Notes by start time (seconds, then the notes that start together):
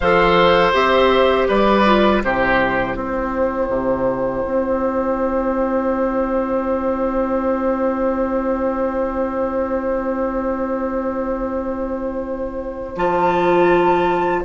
0.00 F3 A4 C5 F5
0.73 C4 G4 E5
1.48 G3 B4 D5
1.86 F4
2.23 C3 E4 G4 C5
2.95 C4 C5 G5
3.69 C3
4.45 C4
12.95 F3 F4 A5